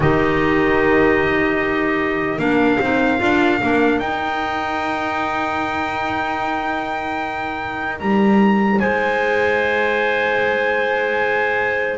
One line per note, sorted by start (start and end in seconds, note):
0.00 2.38 D#3
0.00 2.39 D#4
0.00 2.39 G4
0.00 2.39 D#5
2.38 2.78 A#3
2.38 2.79 D4
2.38 8.79 A#4
2.38 3.99 F5
2.80 3.20 C4
2.80 3.18 D#4
3.18 3.61 D4
3.18 3.58 F4
3.62 4.00 A#3
3.62 4.02 D4
3.99 8.00 D#4
3.99 11.98 D#4
3.99 7.99 G5
7.99 8.80 G3
7.99 8.79 A#5
8.79 11.98 G#3
8.79 11.98 C5
8.79 11.98 G#5